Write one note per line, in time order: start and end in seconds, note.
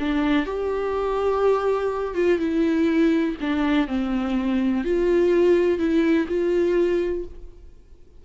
0.00 0.46 D4
0.46 2.15 G4
2.15 2.39 F4
2.39 3.36 E4
3.41 3.88 D4
3.88 4.84 C4
4.84 5.79 F4
5.79 6.27 E4
6.28 7.25 F4